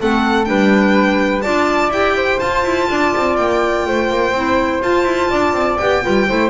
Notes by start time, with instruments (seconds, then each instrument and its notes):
0.00 double bass A3, clarinet C4, flute A4, violin F#5
0.45 double bass G3, clarinet D4, flute B4, violin G5
1.41 double bass D4, clarinet F4, flute D5, violin A5
1.89 double bass E4, clarinet G4, violin G5
2.16 flute C5
2.39 clarinet F4, double bass F4, violin A5
2.64 double bass E4
2.90 double bass D4, flute D5
3.16 double bass C4
3.36 double bass A#3, violin G5
3.86 double bass A3, flute C5
4.09 double bass A#3
4.32 double bass C4, clarinet E4
4.82 double bass F4, clarinet F4, violin A5
5.04 double bass E4
5.30 double bass D4, flute D5
5.53 double bass C4
5.77 double bass B3, clarinet G4, violin G5
6.02 double bass G3, clarinet F4, flute B4
6.28 double bass A3, clarinet E4, flute C5